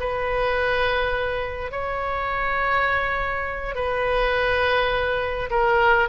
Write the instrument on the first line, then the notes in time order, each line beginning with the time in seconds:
oboe
0.00 B4
1.72 C#5
3.75 B4
5.50 A#4